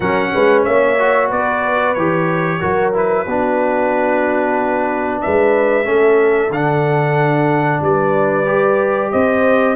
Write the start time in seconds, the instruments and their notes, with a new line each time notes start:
0.00 tuba F#3, trombone C#4, horn A#4, trumpet F#5
0.34 tuba G#3, horn B4
0.64 tuba A#3, horn C#5, trumpet E5
0.98 trombone F#4
1.28 tuba B3, horn B4, trumpet D5
1.94 tuba E3, trombone G4, trumpet C#5
2.60 tuba F#3, trombone F#4, horn A#4
2.93 trombone E4, trumpet B4
3.25 tuba B3, trombone D4, horn F#4
5.21 tuba G#3, horn B4, trumpet E5
5.84 tuba A3, trombone C#4, horn A4
6.50 tuba D3, trombone D4, trumpet F#5
7.81 tuba G3, horn B4, trumpet D5
8.45 trombone G4
9.11 tuba C4, horn C5, trumpet D#5